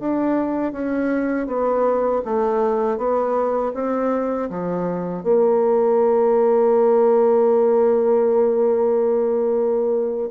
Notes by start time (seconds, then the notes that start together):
0.00 D4
0.73 C#4
1.47 B3
2.25 A3
2.98 B3
3.75 C4
4.50 F3
5.24 A#3